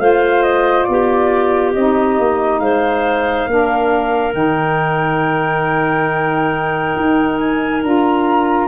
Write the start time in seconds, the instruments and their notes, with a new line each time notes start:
0.00 tuba A3, saxophone F4, clarinet C5, flute F5
0.43 flute D#5
0.84 tuba B3, flute D5
0.91 clarinet G4
1.73 tuba C4, saxophone D#4, flute D#5
2.19 tuba A#3
2.60 tuba G#3, clarinet C5, flute F5
3.47 tuba A#3, saxophone D4, clarinet A#4
4.32 tuba D#3, saxophone D#4, flute G5
6.96 tuba D#4
7.38 flute G#5
7.83 tuba D4, saxophone F4, flute A#5